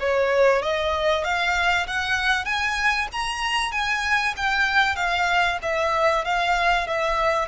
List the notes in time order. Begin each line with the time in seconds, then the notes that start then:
0.00 C#5
0.62 D#5
1.24 F5
1.87 F#5
2.45 G#5
3.12 A#5
3.72 G#5
4.37 G5
4.96 F5
5.62 E5
6.25 F5
6.88 E5